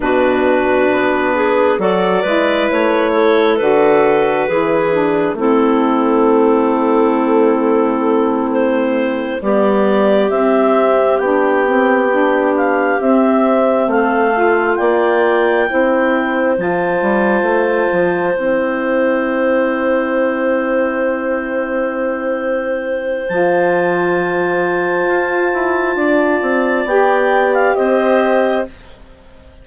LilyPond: <<
  \new Staff \with { instrumentName = "clarinet" } { \time 4/4 \tempo 4 = 67 b'2 d''4 cis''4 | b'2 a'2~ | a'4. c''4 d''4 e''8~ | e''8 g''4. f''8 e''4 f''8~ |
f''8 g''2 a''4.~ | a''8 g''2.~ g''8~ | g''2 a''2~ | a''2 g''8. f''16 dis''4 | }
  \new Staff \with { instrumentName = "clarinet" } { \time 4/4 fis'4. gis'8 a'8 b'4 a'8~ | a'4 gis'4 e'2~ | e'2~ e'8 g'4.~ | g'2.~ g'8 a'8~ |
a'8 d''4 c''2~ c''8~ | c''1~ | c''1~ | c''4 d''2 c''4 | }
  \new Staff \with { instrumentName = "saxophone" } { \time 4/4 d'2 fis'8 e'4. | fis'4 e'8 d'8 c'2~ | c'2~ c'8 b4 c'8~ | c'8 d'8 c'8 d'4 c'4. |
f'4. e'4 f'4.~ | f'8 e'2.~ e'8~ | e'2 f'2~ | f'2 g'2 | }
  \new Staff \with { instrumentName = "bassoon" } { \time 4/4 b,4 b4 fis8 gis8 a4 | d4 e4 a2~ | a2~ a8 g4 c'8~ | c'8 b2 c'4 a8~ |
a8 ais4 c'4 f8 g8 a8 | f8 c'2.~ c'8~ | c'2 f2 | f'8 e'8 d'8 c'8 b4 c'4 | }
>>